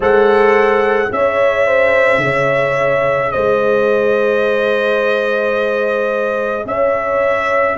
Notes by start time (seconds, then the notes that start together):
0.00 G#3 A4 C5 F#5
1.08 C#4 G#4 E5
1.14 C#5
1.66 C5
2.17 C#3
2.24 C#5
3.31 G#3 C5 D#5
6.65 C#4 C#5 E5